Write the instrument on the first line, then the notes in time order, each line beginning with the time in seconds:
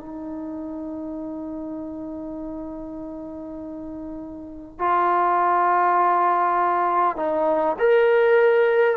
trombone
0.00 D#4
4.78 F4
7.16 D#4
7.78 A#4